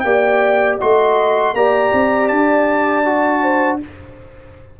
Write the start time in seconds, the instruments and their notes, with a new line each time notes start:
0.00 tuba A#3, trombone G4, horn D5, trumpet G5
0.78 tuba A3, trombone F#4, horn D#5, trumpet C6
1.54 tuba A#3, trombone G4, horn D5, trumpet A#5
1.93 tuba C4
2.28 tuba D4, trumpet A5
3.05 trombone F#4
3.42 horn C5